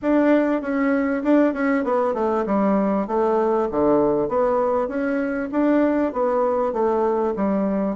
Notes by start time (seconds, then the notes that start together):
0.02 D4
0.61 C#4
1.23 D4
1.53 C#4
1.84 B3
2.14 A3
2.45 G3
3.07 A3
3.71 D3
4.28 B3
4.88 C#4
5.51 D4
6.13 B3
6.72 A3
7.36 G3